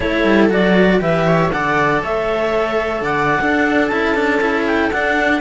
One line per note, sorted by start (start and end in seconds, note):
0.00 0.23 A3
0.00 0.49 E4
0.00 1.00 A4
0.00 0.49 C#5
0.23 0.49 G3
0.49 0.99 F#3
0.49 0.99 F#4
0.49 1.01 D5
0.99 1.52 E3
0.99 1.49 G4
0.99 1.26 B4
0.99 1.51 E5
1.26 1.52 C#5
1.51 2.03 D3
1.51 3.41 A4
1.51 2.02 D5
1.51 2.02 F#5
2.02 3.00 A3
2.02 3.03 C#5
2.02 3.04 E5
3.00 3.38 D3
3.00 3.40 D5
3.00 3.87 F#5
3.40 3.91 D4
3.40 3.89 D4
3.40 5.40 A4
3.87 4.90 C#4
3.87 4.15 E4
3.87 4.63 A5
4.15 4.40 D4
4.41 4.91 E4
4.66 4.91 G5
4.91 5.40 D4
4.91 5.40 F#5